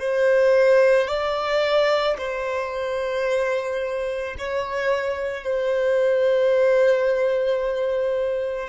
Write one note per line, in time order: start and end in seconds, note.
0.00 1.08 C5
1.08 2.17 D5
2.18 4.36 C5
4.38 5.44 C#5
5.44 8.69 C5